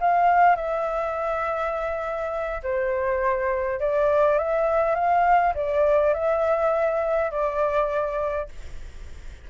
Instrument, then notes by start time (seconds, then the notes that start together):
flute
0.00 F5
0.55 E5
2.63 C5
3.79 D5
4.38 E5
4.95 F5
5.55 D5
6.14 E5
7.31 D5